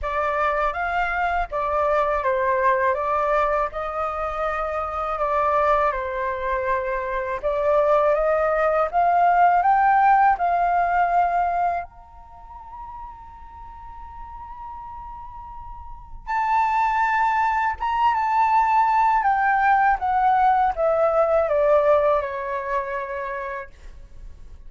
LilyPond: \new Staff \with { instrumentName = "flute" } { \time 4/4 \tempo 4 = 81 d''4 f''4 d''4 c''4 | d''4 dis''2 d''4 | c''2 d''4 dis''4 | f''4 g''4 f''2 |
ais''1~ | ais''2 a''2 | ais''8 a''4. g''4 fis''4 | e''4 d''4 cis''2 | }